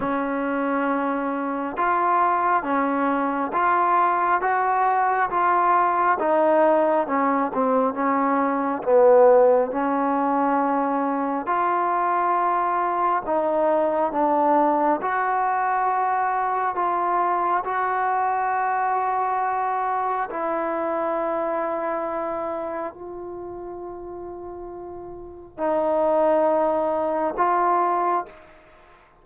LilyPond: \new Staff \with { instrumentName = "trombone" } { \time 4/4 \tempo 4 = 68 cis'2 f'4 cis'4 | f'4 fis'4 f'4 dis'4 | cis'8 c'8 cis'4 b4 cis'4~ | cis'4 f'2 dis'4 |
d'4 fis'2 f'4 | fis'2. e'4~ | e'2 f'2~ | f'4 dis'2 f'4 | }